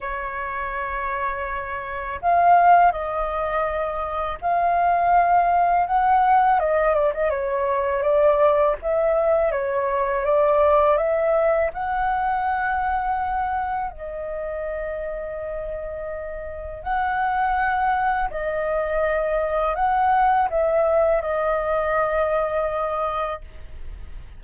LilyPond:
\new Staff \with { instrumentName = "flute" } { \time 4/4 \tempo 4 = 82 cis''2. f''4 | dis''2 f''2 | fis''4 dis''8 d''16 dis''16 cis''4 d''4 | e''4 cis''4 d''4 e''4 |
fis''2. dis''4~ | dis''2. fis''4~ | fis''4 dis''2 fis''4 | e''4 dis''2. | }